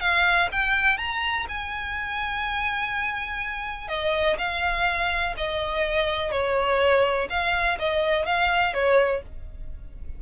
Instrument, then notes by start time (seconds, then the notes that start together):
violin
0.00 F5
0.51 G5
0.98 A#5
1.48 G#5
3.88 D#5
4.38 F5
5.37 D#5
6.31 C#5
7.30 F5
7.79 D#5
8.26 F5
8.74 C#5